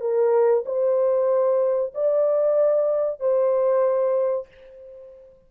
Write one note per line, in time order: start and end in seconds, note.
0.00 0.64 A#4
0.65 1.93 C5
1.94 3.19 D5
3.19 4.47 C5